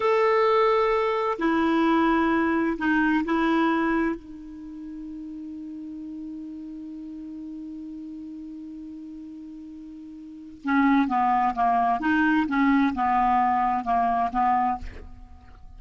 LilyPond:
\new Staff \with { instrumentName = "clarinet" } { \time 4/4 \tempo 4 = 130 a'2. e'4~ | e'2 dis'4 e'4~ | e'4 dis'2.~ | dis'1~ |
dis'1~ | dis'2. cis'4 | b4 ais4 dis'4 cis'4 | b2 ais4 b4 | }